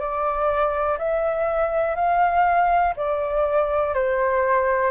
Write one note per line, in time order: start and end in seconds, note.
0.00 0.98 D5
0.98 1.96 E5
1.96 2.94 F5
2.96 3.94 D5
3.94 4.91 C5